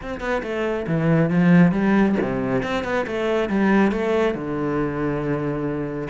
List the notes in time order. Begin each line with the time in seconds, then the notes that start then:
0.02 C4
0.20 B3
0.42 A3
0.87 E3
1.29 F3
1.71 G3
2.21 C3
2.62 C4
2.83 B3
3.07 A3
3.49 G3
3.91 A3
4.34 D3